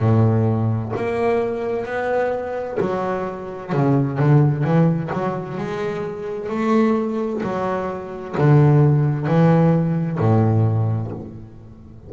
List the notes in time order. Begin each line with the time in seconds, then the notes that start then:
0.00 A2
0.96 A#3
1.86 B3
2.81 F#3
3.73 C#3
4.19 D3
4.64 E3
5.14 F#3
5.58 G#3
6.50 A3
7.43 F#3
8.38 D3
9.27 E3
10.19 A2